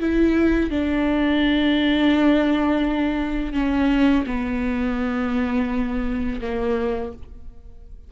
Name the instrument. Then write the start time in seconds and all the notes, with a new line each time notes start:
viola
0.00 E4
0.70 D4
3.53 C#4
4.27 B3
6.41 A#3